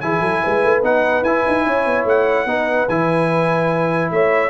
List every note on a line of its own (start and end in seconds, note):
0.00 0.20 E3
0.00 0.82 E4
0.00 0.21 G#4
0.00 0.82 G#5
0.20 0.41 F#3
0.20 0.41 A4
0.43 0.63 G#3
0.43 1.65 B4
0.63 0.82 A3
0.82 1.22 B3
0.82 1.23 D#4
0.82 1.23 F#5
1.22 1.42 E4
1.22 2.47 E4
1.22 2.05 G#5
1.47 1.66 D#4
1.65 1.85 C#4
1.65 2.47 C#5
1.85 2.04 B3
2.04 2.45 A3
2.04 2.88 F#5
2.45 2.86 B3
2.45 2.88 D#4
2.45 4.12 B4
2.88 4.10 E3
2.88 4.49 E4
2.88 4.11 G#5
4.10 4.49 A3
4.10 4.49 C#5
4.10 4.49 E5